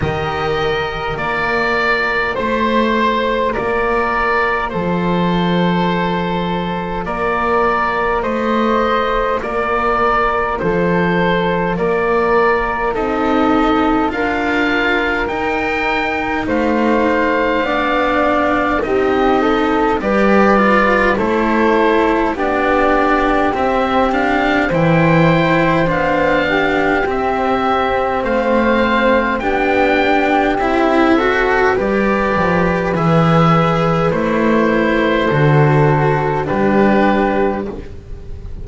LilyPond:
<<
  \new Staff \with { instrumentName = "oboe" } { \time 4/4 \tempo 4 = 51 dis''4 d''4 c''4 d''4 | c''2 d''4 dis''4 | d''4 c''4 d''4 dis''4 | f''4 g''4 f''2 |
dis''4 d''4 c''4 d''4 | e''8 f''8 g''4 f''4 e''4 | f''4 g''4 e''4 d''4 | e''4 c''2 b'4 | }
  \new Staff \with { instrumentName = "flute" } { \time 4/4 ais'2 c''4 ais'4 | a'2 ais'4 c''4 | ais'4 a'4 ais'4 a'4 | ais'2 c''4 d''4 |
g'8 a'8 b'4 a'4 g'4~ | g'4 c''4. g'4. | c''4 g'4. a'8 b'4~ | b'2 a'4 g'4 | }
  \new Staff \with { instrumentName = "cello" } { \time 4/4 g'4 f'2.~ | f'1~ | f'2. dis'4 | f'4 dis'2 d'4 |
dis'4 g'8 f'8 e'4 d'4 | c'8 d'8 e'4 d'4 c'4~ | c'4 d'4 e'8 fis'8 g'4 | gis'4 e'4 fis'4 d'4 | }
  \new Staff \with { instrumentName = "double bass" } { \time 4/4 dis4 ais4 a4 ais4 | f2 ais4 a4 | ais4 f4 ais4 c'4 | d'4 dis'4 a4 b4 |
c'4 g4 a4 b4 | c'4 e4 b4 c'4 | a4 b4 c'4 g8 f8 | e4 a4 d4 g4 | }
>>